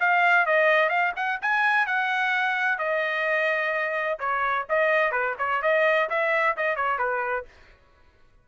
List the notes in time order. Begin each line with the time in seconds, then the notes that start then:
0.00 F5
0.46 D#5
0.89 F5
1.16 F#5
1.42 G#5
1.86 F#5
2.78 D#5
4.19 C#5
4.69 D#5
5.12 B4
5.39 C#5
5.62 D#5
6.10 E5
6.57 D#5
6.76 C#5
6.99 B4